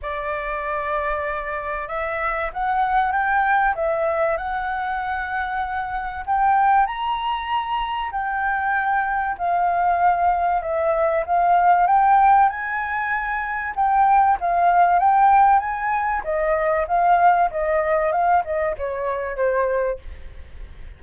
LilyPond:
\new Staff \with { instrumentName = "flute" } { \time 4/4 \tempo 4 = 96 d''2. e''4 | fis''4 g''4 e''4 fis''4~ | fis''2 g''4 ais''4~ | ais''4 g''2 f''4~ |
f''4 e''4 f''4 g''4 | gis''2 g''4 f''4 | g''4 gis''4 dis''4 f''4 | dis''4 f''8 dis''8 cis''4 c''4 | }